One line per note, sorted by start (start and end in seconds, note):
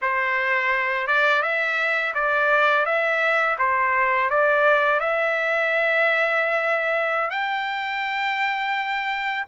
0.01 1.07 C5
1.07 1.42 D5
1.42 2.13 E5
2.14 2.85 D5
2.85 3.56 E5
3.58 4.30 C5
4.30 4.99 D5
4.99 7.30 E5
7.30 9.44 G5